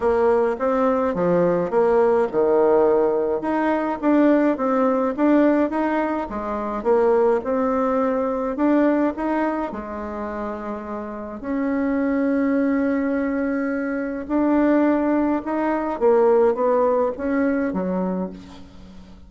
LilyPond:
\new Staff \with { instrumentName = "bassoon" } { \time 4/4 \tempo 4 = 105 ais4 c'4 f4 ais4 | dis2 dis'4 d'4 | c'4 d'4 dis'4 gis4 | ais4 c'2 d'4 |
dis'4 gis2. | cis'1~ | cis'4 d'2 dis'4 | ais4 b4 cis'4 fis4 | }